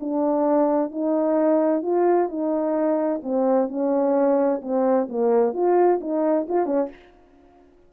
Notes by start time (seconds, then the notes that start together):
0.00 D4
0.91 D#4
1.82 F4
2.29 D#4
3.23 C4
3.69 C#4
4.62 C4
5.09 A#3
5.54 F4
6.01 D#4
6.48 F4
6.66 C#4